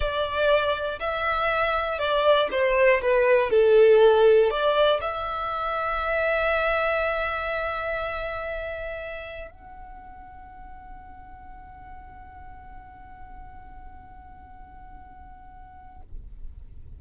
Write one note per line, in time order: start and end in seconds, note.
0.00 0.99 D5
0.99 1.98 E5
1.98 2.48 D5
2.51 3.01 C5
3.01 3.50 B4
3.50 4.50 A4
4.50 5.00 D5
5.01 9.50 E5
9.50 16.00 F#5